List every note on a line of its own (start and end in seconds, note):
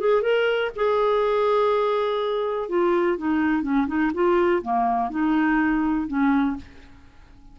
0.00 0.22 G#4
0.22 0.71 A#4
0.76 2.69 G#4
2.69 3.18 F4
3.18 3.63 D#4
3.63 3.87 C#4
3.88 4.12 D#4
4.14 4.63 F4
4.63 5.11 A#3
5.11 6.08 D#4
6.08 6.57 C#4